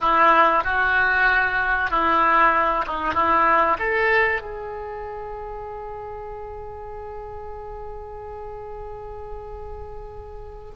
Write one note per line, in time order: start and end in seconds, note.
0.00 0.63 E4
0.63 1.90 F#4
1.90 2.85 E4
2.86 3.14 D#4
3.14 3.77 E4
3.79 4.41 A4
4.41 10.73 G#4